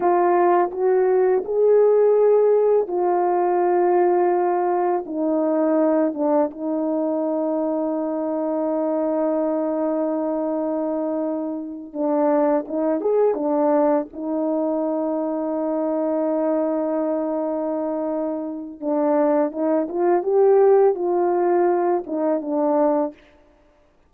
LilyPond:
\new Staff \with { instrumentName = "horn" } { \time 4/4 \tempo 4 = 83 f'4 fis'4 gis'2 | f'2. dis'4~ | dis'8 d'8 dis'2.~ | dis'1~ |
dis'8 d'4 dis'8 gis'8 d'4 dis'8~ | dis'1~ | dis'2 d'4 dis'8 f'8 | g'4 f'4. dis'8 d'4 | }